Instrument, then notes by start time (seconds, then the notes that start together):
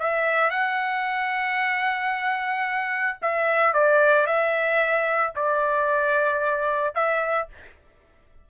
trumpet
0.00 E5
0.51 F#5
3.22 E5
3.74 D5
4.27 E5
5.36 D5
6.95 E5